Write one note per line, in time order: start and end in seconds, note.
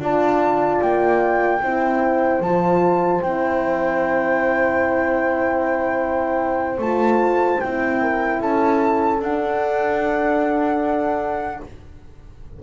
0.00 0.80 D4
0.00 1.60 F4
0.00 1.62 D5
0.00 0.81 A5
0.81 1.61 A#3
0.81 2.41 G5
1.61 2.40 C4
1.61 2.43 E4
1.61 8.02 C5
2.40 3.20 F3
2.40 3.22 F4
2.40 3.22 A5
3.22 6.78 C4
3.22 6.82 E4
3.22 6.81 G5
6.78 7.58 A3
6.78 7.62 F4
6.78 7.60 A5
7.60 8.41 C4
7.60 9.22 E4
7.60 8.40 G5
8.02 8.41 A#4
8.41 9.20 C#4
8.41 11.61 A4
8.41 9.22 A5
9.20 11.60 D4
9.20 11.62 D4
9.20 11.63 F#5